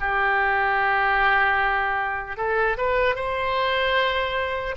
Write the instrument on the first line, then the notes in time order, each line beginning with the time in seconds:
oboe
0.00 G4
2.37 A4
2.77 B4
3.15 C5